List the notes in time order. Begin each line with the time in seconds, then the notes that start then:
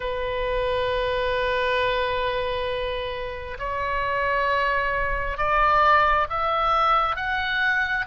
0.00 B4
3.58 C#5
5.37 D5
6.29 E5
7.16 F#5